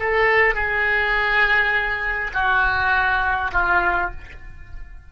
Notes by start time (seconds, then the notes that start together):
0.00 A4
0.55 G#4
2.34 F#4
3.52 F4